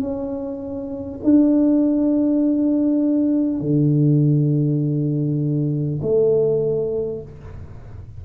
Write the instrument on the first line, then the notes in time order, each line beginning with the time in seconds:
tuba
0.00 C#4
1.23 D4
3.60 D3
6.02 A3